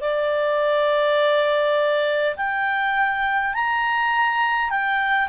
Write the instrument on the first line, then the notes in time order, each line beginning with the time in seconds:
clarinet
0.00 D5
2.36 G5
3.54 A#5
4.70 G5